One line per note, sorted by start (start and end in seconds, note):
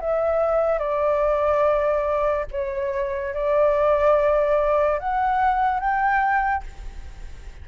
0.00 0.79 E5
0.79 2.46 D5
2.51 3.34 C#5
3.34 4.99 D5
4.99 5.80 F#5
5.80 6.63 G5